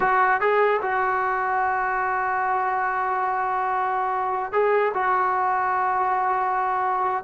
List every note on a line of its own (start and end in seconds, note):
0.00 0.40 F#4
0.40 0.81 G#4
0.82 4.52 F#4
4.52 4.92 G#4
4.93 7.23 F#4